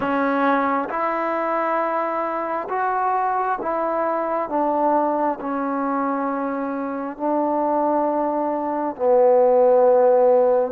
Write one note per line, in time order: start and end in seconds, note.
0.00 0.88 C#4
0.89 2.68 E4
2.69 3.58 F#4
3.61 4.49 E4
4.49 5.39 D4
5.40 7.17 C#4
7.17 8.96 D4
8.96 10.71 B3